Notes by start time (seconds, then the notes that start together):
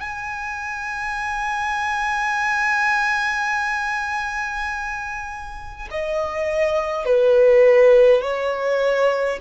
0.00 G#5
5.91 D#5
7.05 B4
8.21 C#5